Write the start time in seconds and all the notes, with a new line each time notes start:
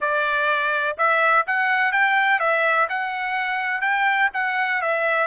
0.00 D5
0.97 E5
1.46 F#5
1.92 G5
2.39 E5
2.89 F#5
3.81 G5
4.33 F#5
4.81 E5